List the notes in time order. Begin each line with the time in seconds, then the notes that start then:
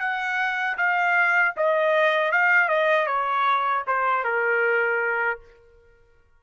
0.00 F#5
0.77 F5
1.57 D#5
2.32 F5
2.69 D#5
3.07 C#5
3.87 C5
4.24 A#4